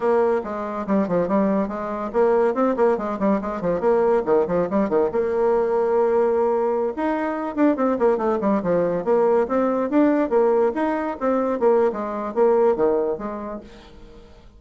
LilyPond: \new Staff \with { instrumentName = "bassoon" } { \time 4/4 \tempo 4 = 141 ais4 gis4 g8 f8 g4 | gis4 ais4 c'8 ais8 gis8 g8 | gis8 f8 ais4 dis8 f8 g8 dis8 | ais1~ |
ais16 dis'4. d'8 c'8 ais8 a8 g16~ | g16 f4 ais4 c'4 d'8.~ | d'16 ais4 dis'4 c'4 ais8. | gis4 ais4 dis4 gis4 | }